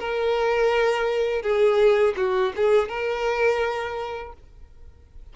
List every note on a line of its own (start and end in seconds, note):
0.00 1.42 A#4
1.42 2.15 G#4
2.17 2.53 F#4
2.56 2.89 G#4
2.89 4.33 A#4